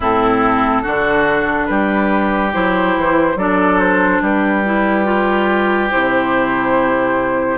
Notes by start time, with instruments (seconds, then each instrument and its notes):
0.00 bassoon A2, clarinet C4, oboe E4, flute A4
0.82 bassoon D3, clarinet D4, oboe F#4
1.65 bassoon G3, oboe G4, flute B4
2.53 bassoon F#3, clarinet E4, flute C5
2.96 bassoon E3
3.35 bassoon F#3, clarinet D4, oboe A4, flute D5
3.79 flute C5
4.21 bassoon G3, oboe G4, flute B4
4.65 clarinet E4
5.04 clarinet F4
5.90 bassoon C3, clarinet E4, flute C5